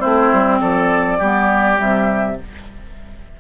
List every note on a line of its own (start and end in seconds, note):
0.00 0.33 A3
0.00 1.20 C4
0.00 0.59 E4
0.00 0.61 C5
0.33 0.62 G3
0.60 1.21 F3
0.60 1.19 A4
0.60 1.80 D5
1.19 1.80 G3
1.19 1.76 B3
1.19 2.37 G4
1.76 2.41 C3
1.76 2.36 G3
1.76 2.39 E5